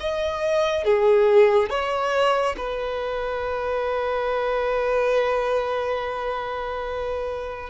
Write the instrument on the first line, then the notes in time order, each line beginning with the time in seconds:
violin
0.00 D#5
0.85 G#4
1.70 C#5
2.58 B4